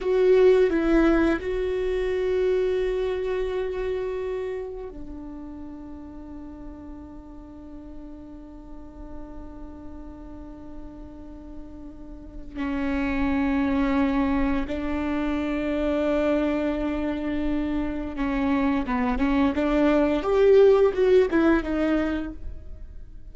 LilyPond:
\new Staff \with { instrumentName = "viola" } { \time 4/4 \tempo 4 = 86 fis'4 e'4 fis'2~ | fis'2. d'4~ | d'1~ | d'1~ |
d'2 cis'2~ | cis'4 d'2.~ | d'2 cis'4 b8 cis'8 | d'4 g'4 fis'8 e'8 dis'4 | }